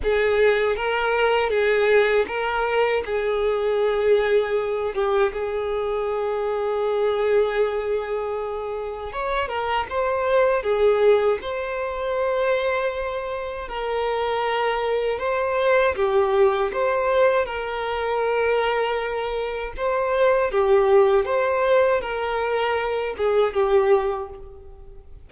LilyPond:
\new Staff \with { instrumentName = "violin" } { \time 4/4 \tempo 4 = 79 gis'4 ais'4 gis'4 ais'4 | gis'2~ gis'8 g'8 gis'4~ | gis'1 | cis''8 ais'8 c''4 gis'4 c''4~ |
c''2 ais'2 | c''4 g'4 c''4 ais'4~ | ais'2 c''4 g'4 | c''4 ais'4. gis'8 g'4 | }